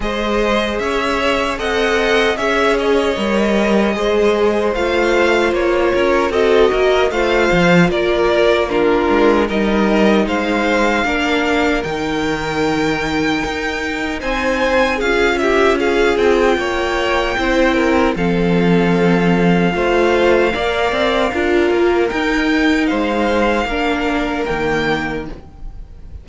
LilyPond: <<
  \new Staff \with { instrumentName = "violin" } { \time 4/4 \tempo 4 = 76 dis''4 e''4 fis''4 e''8 dis''8~ | dis''2 f''4 cis''4 | dis''4 f''4 d''4 ais'4 | dis''4 f''2 g''4~ |
g''2 gis''4 f''8 e''8 | f''8 g''2~ g''8 f''4~ | f''1 | g''4 f''2 g''4 | }
  \new Staff \with { instrumentName = "violin" } { \time 4/4 c''4 cis''4 dis''4 cis''4~ | cis''4 c''2~ c''8 ais'8 | a'8 ais'8 c''4 ais'4 f'4 | ais'4 c''4 ais'2~ |
ais'2 c''4 gis'8 g'8 | gis'4 cis''4 c''8 ais'8 a'4~ | a'4 c''4 d''4 ais'4~ | ais'4 c''4 ais'2 | }
  \new Staff \with { instrumentName = "viola" } { \time 4/4 gis'2 a'4 gis'4 | ais'4 gis'4 f'2 | fis'4 f'2 d'4 | dis'2 d'4 dis'4~ |
dis'2. f'4~ | f'2 e'4 c'4~ | c'4 f'4 ais'4 f'4 | dis'2 d'4 ais4 | }
  \new Staff \with { instrumentName = "cello" } { \time 4/4 gis4 cis'4 c'4 cis'4 | g4 gis4 a4 ais8 cis'8 | c'8 ais8 a8 f8 ais4. gis8 | g4 gis4 ais4 dis4~ |
dis4 dis'4 c'4 cis'4~ | cis'8 c'8 ais4 c'4 f4~ | f4 a4 ais8 c'8 d'8 ais8 | dis'4 gis4 ais4 dis4 | }
>>